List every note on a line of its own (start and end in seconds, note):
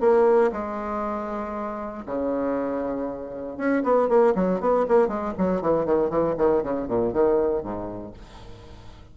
0.00 0.51 A#3
0.52 2.05 G#3
2.05 3.57 C#3
3.57 3.82 C#4
3.83 4.08 B3
4.08 4.34 A#3
4.35 4.60 F#3
4.60 4.86 B3
4.88 5.08 A#3
5.08 5.33 G#3
5.38 5.61 F#3
5.61 5.85 E3
5.85 6.09 D#3
6.09 6.35 E3
6.37 6.63 D#3
6.63 6.88 C#3
6.88 7.13 A#2
7.13 7.62 D#3
7.62 8.13 G#2